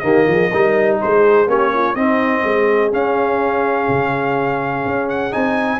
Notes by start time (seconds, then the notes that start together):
0.00 D#3 A#3 G4 D#5
0.28 F3 G#4
0.50 G3 D#4 A#4
1.01 G#3 G#4 C5
1.47 A#3 C#4 G4 C#5
1.74 F4
1.95 C4 D#4 D#5
2.44 G#3 G#4
2.92 C#4 F5
3.89 C#3
4.86 C#4
5.10 F#5
5.31 C4 D#4 G#5